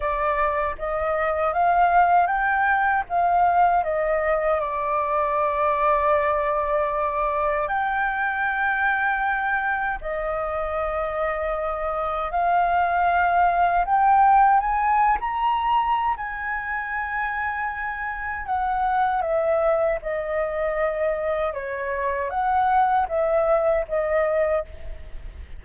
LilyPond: \new Staff \with { instrumentName = "flute" } { \time 4/4 \tempo 4 = 78 d''4 dis''4 f''4 g''4 | f''4 dis''4 d''2~ | d''2 g''2~ | g''4 dis''2. |
f''2 g''4 gis''8. ais''16~ | ais''4 gis''2. | fis''4 e''4 dis''2 | cis''4 fis''4 e''4 dis''4 | }